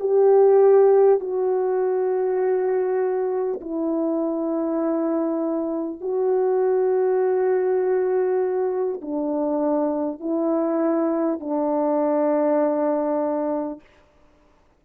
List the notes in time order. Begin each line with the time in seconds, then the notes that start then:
0.00 G4
1.19 F#4
3.61 E4
6.01 F#4
9.01 D4
10.19 E4
11.40 D4